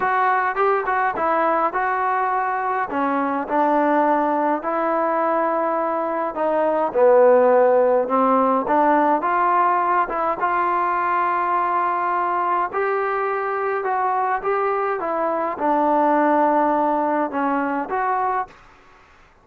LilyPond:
\new Staff \with { instrumentName = "trombone" } { \time 4/4 \tempo 4 = 104 fis'4 g'8 fis'8 e'4 fis'4~ | fis'4 cis'4 d'2 | e'2. dis'4 | b2 c'4 d'4 |
f'4. e'8 f'2~ | f'2 g'2 | fis'4 g'4 e'4 d'4~ | d'2 cis'4 fis'4 | }